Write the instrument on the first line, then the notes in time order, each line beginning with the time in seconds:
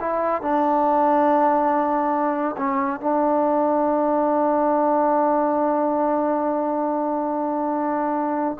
trombone
0.00 E4
0.41 D4
2.57 C#4
3.00 D4